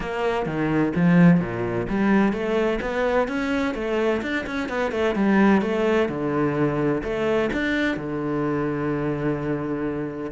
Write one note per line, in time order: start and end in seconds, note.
0.00 0.46 A#3
0.46 0.92 D#3
0.95 1.40 F3
1.40 1.87 A#2
1.89 2.32 G3
2.32 2.79 A3
2.81 3.28 B3
3.28 3.74 C#4
3.74 4.21 A3
4.21 4.45 D4
4.46 4.68 C#4
4.68 4.91 B3
4.91 5.15 A3
5.15 5.61 G3
5.61 6.08 A3
6.08 7.02 D3
7.03 7.50 A3
7.52 7.97 D4
7.97 10.31 D3